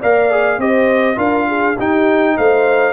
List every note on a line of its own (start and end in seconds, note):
0.00 0.58 A#3
0.00 0.30 A#4
0.00 0.59 D5
0.00 0.60 F5
0.30 0.59 G#4
0.58 1.17 C4
0.58 1.15 G4
0.58 1.17 C5
0.58 1.18 D#5
1.15 1.75 D4
1.15 1.74 F4
1.15 1.46 A#4
1.15 1.77 F5
1.47 1.76 G#4
1.76 2.37 D#4
1.76 2.92 D#4
1.76 2.35 G4
1.76 2.37 G5
2.36 2.92 A3
2.36 2.92 C5
2.36 2.92 F5